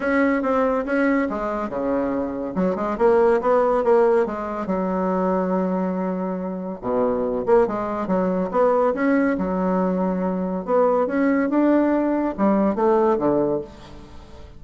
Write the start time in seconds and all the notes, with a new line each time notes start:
0.00 C#4
0.42 C4
0.85 C#4
1.29 G#3
1.69 C#3
2.55 F#3
2.75 G#3
2.98 A#3
3.41 B3
3.84 A#3
4.26 G#3
4.66 F#3
6.81 B2
7.45 A#3
7.67 G#3
8.07 F#3
8.51 B3
8.94 C#4
9.37 F#3
10.65 B3
11.06 C#4
11.49 D4
12.37 G3
12.75 A3
13.18 D3